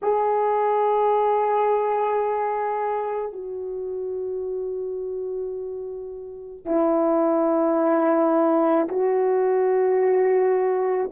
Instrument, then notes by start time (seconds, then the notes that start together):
horn
0.02 G#4
3.32 F#4
6.65 E4
8.88 F#4